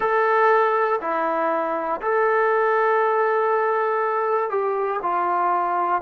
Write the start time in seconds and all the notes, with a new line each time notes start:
0.00 A4
1.00 E4
2.01 A4
4.50 G4
5.02 F4